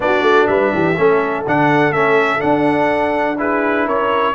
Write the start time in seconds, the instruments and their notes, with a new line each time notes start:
0.00 tuba B3, trombone D4, horn F#4, trumpet D5
0.22 tuba A3
0.47 tuba G3, horn B4, trumpet E5
0.72 tuba E3, horn G4
0.97 tuba A3, trombone C#4, horn A4
1.46 tuba D3, trombone D4, trumpet F#5
1.91 tuba A3, trombone C#4, trumpet E5
2.39 trombone D4, tuba D4, trumpet F#5
3.38 trombone E4, horn G#4, trumpet B4
3.86 tuba C#4, horn A#4, trumpet C#5